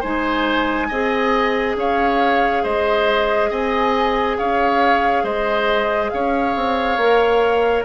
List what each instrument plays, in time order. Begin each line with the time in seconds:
0.00 bassoon G#3, clarinet D#4, oboe C5, flute G#5
0.88 bassoon C4, clarinet G#4, oboe D#5
1.75 bassoon C#4, oboe C#5, flute F5
2.63 bassoon G#3, oboe C5, flute D#5
3.50 bassoon C4, oboe D#5, flute G#5
4.38 bassoon C#4, oboe C#5, flute F5
5.23 bassoon G#3, oboe C5, flute D#5
6.10 bassoon C#4, oboe C#5, flute F5
6.55 bassoon C4
6.97 bassoon A#3, clarinet A#4